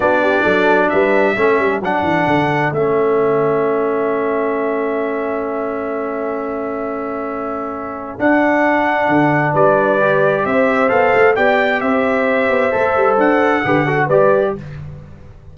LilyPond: <<
  \new Staff \with { instrumentName = "trumpet" } { \time 4/4 \tempo 4 = 132 d''2 e''2 | fis''2 e''2~ | e''1~ | e''1~ |
e''2 fis''2~ | fis''4 d''2 e''4 | f''4 g''4 e''2~ | e''4 fis''2 d''4 | }
  \new Staff \with { instrumentName = "horn" } { \time 4/4 fis'8 g'8 a'4 b'4 a'4~ | a'1~ | a'1~ | a'1~ |
a'1~ | a'4 b'2 c''4~ | c''4 d''4 c''2~ | c''2 b'8 a'8 b'4 | }
  \new Staff \with { instrumentName = "trombone" } { \time 4/4 d'2. cis'4 | d'2 cis'2~ | cis'1~ | cis'1~ |
cis'2 d'2~ | d'2 g'2 | a'4 g'2. | a'2 g'8 fis'8 g'4 | }
  \new Staff \with { instrumentName = "tuba" } { \time 4/4 b4 fis4 g4 a8 g8 | fis8 e8 d4 a2~ | a1~ | a1~ |
a2 d'2 | d4 g2 c'4 | b8 a8 b4 c'4. b8 | a8 g8 d'4 d4 g4 | }
>>